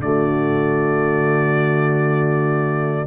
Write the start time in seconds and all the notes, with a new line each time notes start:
0.00 D3 A3 F#4 D5